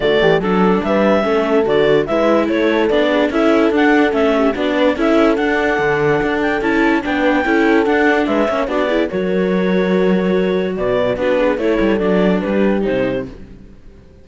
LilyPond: <<
  \new Staff \with { instrumentName = "clarinet" } { \time 4/4 \tempo 4 = 145 d''4 a'4 e''2 | d''4 e''4 cis''4 d''4 | e''4 fis''4 e''4 d''4 | e''4 fis''2~ fis''8 g''8 |
a''4 g''2 fis''4 | e''4 d''4 cis''2~ | cis''2 d''4 b'4 | cis''4 d''4 b'4 c''4 | }
  \new Staff \with { instrumentName = "horn" } { \time 4/4 fis'8 g'8 a'4 b'4 a'4~ | a'4 b'4 a'4. gis'8 | a'2~ a'8 g'8 fis'8 b'8 | a'1~ |
a'4 b'4 a'2 | b'8 cis''8 fis'8 gis'8 ais'2~ | ais'2 b'4 fis'8 gis'8 | a'2 g'2 | }
  \new Staff \with { instrumentName = "viola" } { \time 4/4 a4 d'2 cis'4 | fis'4 e'2 d'4 | e'4 d'4 cis'4 d'4 | e'4 d'2. |
e'4 d'4 e'4 d'4~ | d'8 cis'8 d'8 e'8 fis'2~ | fis'2. d'4 | e'4 d'2 dis'4 | }
  \new Staff \with { instrumentName = "cello" } { \time 4/4 d8 e8 fis4 g4 a4 | d4 gis4 a4 b4 | cis'4 d'4 a4 b4 | cis'4 d'4 d4 d'4 |
cis'4 b4 cis'4 d'4 | gis8 ais8 b4 fis2~ | fis2 b,4 b4 | a8 g8 fis4 g4 c4 | }
>>